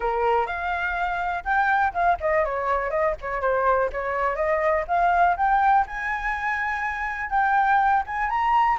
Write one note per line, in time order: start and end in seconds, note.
0.00 0.46 A#4
0.46 1.44 F5
1.44 1.93 G5
1.93 2.18 F5
2.20 2.44 D#5
2.44 2.90 C#5
2.90 3.14 D#5
3.21 3.41 C#5
3.41 3.90 C5
3.92 4.35 C#5
4.35 4.84 D#5
4.87 5.36 F5
5.37 5.85 G5
5.86 7.30 G#5
7.30 8.03 G5
8.06 8.29 G#5
8.29 8.78 A#5